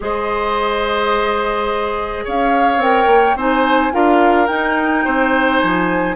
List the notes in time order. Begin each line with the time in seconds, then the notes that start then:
0.00 G#3 G#4 C5 D#5
2.24 C#4 C#5 F5
2.76 C4 A#4 G5
3.06 A#3
3.35 C4 D#4 C5 G#5
3.91 D4 F4 A#4 F5
4.46 D#4 G5
5.04 C4 C5
5.59 F3 G#5